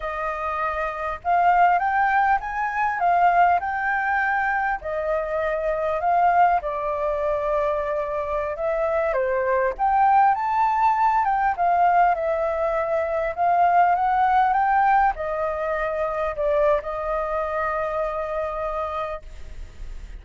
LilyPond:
\new Staff \with { instrumentName = "flute" } { \time 4/4 \tempo 4 = 100 dis''2 f''4 g''4 | gis''4 f''4 g''2 | dis''2 f''4 d''4~ | d''2~ d''16 e''4 c''8.~ |
c''16 g''4 a''4. g''8 f''8.~ | f''16 e''2 f''4 fis''8.~ | fis''16 g''4 dis''2 d''8. | dis''1 | }